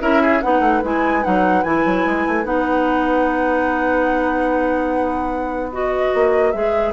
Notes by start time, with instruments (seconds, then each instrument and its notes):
0.00 bassoon C#4, clarinet E4, oboe A#4, flute E5
0.22 oboe G#4
0.41 bassoon B3, clarinet D#4, oboe B4, flute F#5
0.60 bassoon A3
0.83 bassoon G#3, clarinet E4, flute G#5
1.22 bassoon F#3, clarinet D#4, flute F#5
1.63 bassoon E3, clarinet E4, flute G#5
1.85 bassoon F#3
2.06 bassoon G#3
2.27 bassoon A3
2.44 bassoon B3, clarinet D#4, flute F#5
5.72 clarinet F#4, flute D#5
6.14 bassoon A#3
6.51 bassoon G#3, clarinet G#4, flute E5